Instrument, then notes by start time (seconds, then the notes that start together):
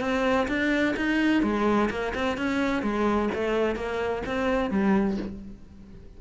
cello
0.00 C4
0.48 D4
0.96 D#4
1.43 G#3
1.90 A#3
2.15 C4
2.37 C#4
2.82 G#3
3.34 A3
3.75 A#3
4.26 C4
4.70 G3